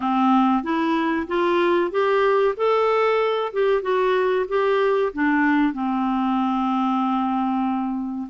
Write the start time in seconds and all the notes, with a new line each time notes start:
0.00 C4
0.63 E4
1.27 F4
1.91 G4
2.56 A4
3.53 G4
3.82 F#4
4.48 G4
5.13 D4
5.73 C4